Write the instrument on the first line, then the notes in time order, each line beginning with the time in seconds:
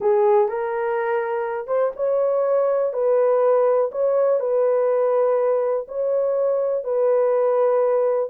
horn
0.00 G#4
0.48 A#4
1.67 C5
1.96 C#5
2.93 B4
3.91 C#5
4.39 B4
5.88 C#5
6.84 B4